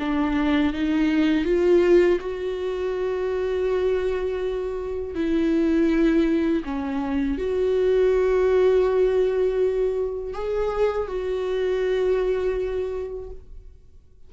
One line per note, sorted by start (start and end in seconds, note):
0.00 0.74 D4
0.74 1.45 D#4
1.45 2.20 F4
2.20 5.15 F#4
5.15 6.64 E4
6.65 7.38 C#4
7.38 10.34 F#4
10.34 11.08 G#4
11.08 13.30 F#4